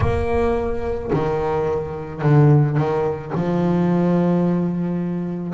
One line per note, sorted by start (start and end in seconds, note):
0.00 1.11 A#3
1.13 2.21 D#3
2.21 2.77 D3
2.77 3.32 D#3
3.34 5.54 F3